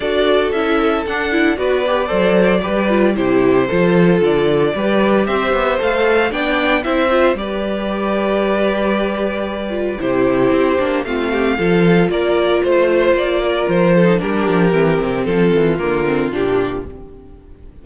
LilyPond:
<<
  \new Staff \with { instrumentName = "violin" } { \time 4/4 \tempo 4 = 114 d''4 e''4 fis''4 d''4~ | d''2 c''2 | d''2 e''4 f''4 | g''4 e''4 d''2~ |
d''2. c''4~ | c''4 f''2 d''4 | c''4 d''4 c''4 ais'4~ | ais'4 a'4 ais'4 g'4 | }
  \new Staff \with { instrumentName = "violin" } { \time 4/4 a'2. b'4 | c''4 b'4 g'4 a'4~ | a'4 b'4 c''2 | d''4 c''4 b'2~ |
b'2. g'4~ | g'4 f'8 g'8 a'4 ais'4 | c''4. ais'4 a'8 g'4~ | g'4 f'2. | }
  \new Staff \with { instrumentName = "viola" } { \time 4/4 fis'4 e'4 d'8 e'8 fis'8 g'8 | a'4 g'8 f'8 e'4 f'4~ | f'4 g'2 a'4 | d'4 e'8 f'8 g'2~ |
g'2~ g'8 f'8 e'4~ | e'8 d'8 c'4 f'2~ | f'2~ f'8. dis'16 d'4 | c'2 ais8 c'8 d'4 | }
  \new Staff \with { instrumentName = "cello" } { \time 4/4 d'4 cis'4 d'4 b4 | fis4 g4 c4 f4 | d4 g4 c'8 b8 a4 | b4 c'4 g2~ |
g2. c4 | c'8 ais8 a4 f4 ais4 | a4 ais4 f4 g8 f8 | e8 c8 f8 e8 d4 ais,4 | }
>>